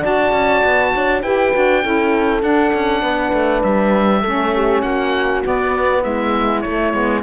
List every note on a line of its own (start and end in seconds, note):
0.00 0.33 D4
0.00 1.22 F#4
0.00 0.90 D5
0.00 1.22 A5
0.33 0.63 C#4
0.65 0.95 B3
0.94 1.23 D4
0.94 1.23 C#5
1.22 1.53 E4
1.22 1.53 G4
1.22 1.83 B4
1.22 2.42 G5
1.53 1.85 D4
1.53 1.83 F#4
1.83 2.43 C#4
1.83 2.41 E4
1.83 3.03 A4
2.41 4.21 D4
2.41 2.73 D4
2.41 3.63 F#5
2.74 3.02 C#4
3.02 3.32 B3
3.02 4.21 B4
3.33 3.63 A3
3.63 4.24 G3
3.63 4.82 E5
4.21 4.83 A3
4.21 5.44 C#4
4.21 4.51 A4
4.55 4.83 G4
4.82 5.43 A#3
4.82 6.03 F#4
4.82 5.42 F#5
5.44 6.63 B3
5.44 6.05 B3
5.44 6.03 D5
6.03 6.65 G#3
6.03 7.23 E4
6.03 6.61 E5
6.61 6.93 A3
6.61 6.94 A3
6.61 7.21 C#5
6.93 7.23 G#3
6.93 7.23 B3